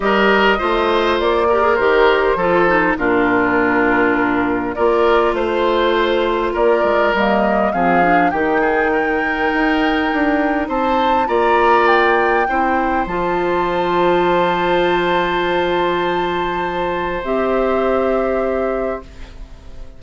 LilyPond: <<
  \new Staff \with { instrumentName = "flute" } { \time 4/4 \tempo 4 = 101 dis''2 d''4 c''4~ | c''4 ais'2. | d''4 c''2 d''4 | dis''4 f''4 g''2~ |
g''2 a''4 ais''4 | g''2 a''2~ | a''1~ | a''4 e''2. | }
  \new Staff \with { instrumentName = "oboe" } { \time 4/4 ais'4 c''4. ais'4. | a'4 f'2. | ais'4 c''2 ais'4~ | ais'4 gis'4 g'8 gis'8 ais'4~ |
ais'2 c''4 d''4~ | d''4 c''2.~ | c''1~ | c''1 | }
  \new Staff \with { instrumentName = "clarinet" } { \time 4/4 g'4 f'4. g'16 gis'16 g'4 | f'8 dis'8 d'2. | f'1 | ais4 c'8 d'8 dis'2~ |
dis'2. f'4~ | f'4 e'4 f'2~ | f'1~ | f'4 g'2. | }
  \new Staff \with { instrumentName = "bassoon" } { \time 4/4 g4 a4 ais4 dis4 | f4 ais,2. | ais4 a2 ais8 gis8 | g4 f4 dis2 |
dis'4 d'4 c'4 ais4~ | ais4 c'4 f2~ | f1~ | f4 c'2. | }
>>